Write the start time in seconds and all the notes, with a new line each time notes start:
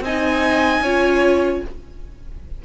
0.00 C4 D#5 G#5
0.06 D#4
0.81 C#4 F4 C#5